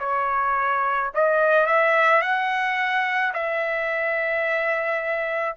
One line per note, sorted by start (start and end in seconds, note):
0.00 1.11 C#5
1.15 1.67 D#5
1.67 2.22 E5
2.22 3.33 F#5
3.34 5.57 E5